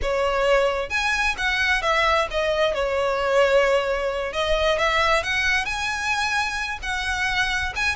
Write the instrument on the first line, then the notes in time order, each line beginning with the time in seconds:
violin
0.02 C#5
0.89 G#5
1.37 F#5
1.82 E5
2.30 D#5
2.74 C#5
4.32 D#5
4.78 E5
5.23 F#5
5.65 G#5
6.82 F#5
7.75 G#5